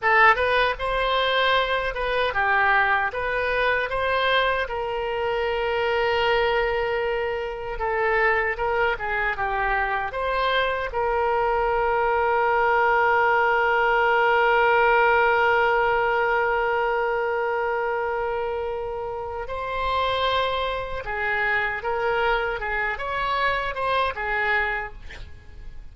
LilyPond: \new Staff \with { instrumentName = "oboe" } { \time 4/4 \tempo 4 = 77 a'8 b'8 c''4. b'8 g'4 | b'4 c''4 ais'2~ | ais'2 a'4 ais'8 gis'8 | g'4 c''4 ais'2~ |
ais'1~ | ais'1~ | ais'4 c''2 gis'4 | ais'4 gis'8 cis''4 c''8 gis'4 | }